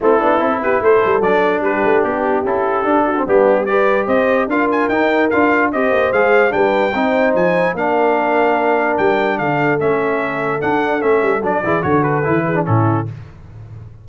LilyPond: <<
  \new Staff \with { instrumentName = "trumpet" } { \time 4/4 \tempo 4 = 147 a'4. b'8 c''4 d''4 | b'4 g'4 a'2 | g'4 d''4 dis''4 f''8 gis''8 | g''4 f''4 dis''4 f''4 |
g''2 gis''4 f''4~ | f''2 g''4 f''4 | e''2 fis''4 e''4 | d''4 cis''8 b'4. a'4 | }
  \new Staff \with { instrumentName = "horn" } { \time 4/4 e'4. g'8 a'2 | g'2.~ g'8 fis'8 | d'4 b'4 c''4 ais'4~ | ais'2 c''2 |
b'4 c''2 ais'4~ | ais'2. a'4~ | a'1~ | a'8 gis'8 a'4. gis'8 e'4 | }
  \new Staff \with { instrumentName = "trombone" } { \time 4/4 c'8 d'8 e'2 d'4~ | d'2 e'4 d'8. c'16 | b4 g'2 f'4 | dis'4 f'4 g'4 gis'4 |
d'4 dis'2 d'4~ | d'1 | cis'2 d'4 cis'4 | d'8 e'8 fis'4 e'8. d'16 cis'4 | }
  \new Staff \with { instrumentName = "tuba" } { \time 4/4 a8 b8 c'8 b8 a8 g8 fis4 | g8 a8 b4 cis'4 d'4 | g2 c'4 d'4 | dis'4 d'4 c'8 ais8 gis4 |
g4 c'4 f4 ais4~ | ais2 g4 d4 | a2 d'4 a8 g8 | fis8 e8 d4 e4 a,4 | }
>>